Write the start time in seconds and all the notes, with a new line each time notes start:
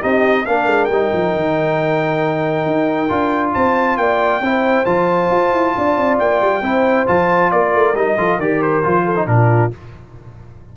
0.00 C4 D#4 G4 D#5
0.46 A#3 D4 A#4 F5
0.66 G#3
0.85 G3 G5
0.93 D#4
1.13 F3
1.34 D#3
2.66 D#4
3.09 D4 F4
3.53 C4 C5 A5
3.97 A#3 D5 G5
4.40 C4 E4 C5
4.85 F3 F4 A5
5.30 F4
5.52 E4
5.77 D4 D5
5.97 C4
6.19 A#3 G5
6.41 G3
6.62 C4 E4 C5
7.06 F3 F4 A5
7.51 A#3 A#4 D5
7.74 A3
7.94 G3 D#4 D#5
8.18 F3 F4 A4
8.37 D#3 G4 A#4 D5
8.62 C5
8.83 F3 F4
9.05 A4
9.16 D#4
9.26 A#2 D4 A#4
9.32 F4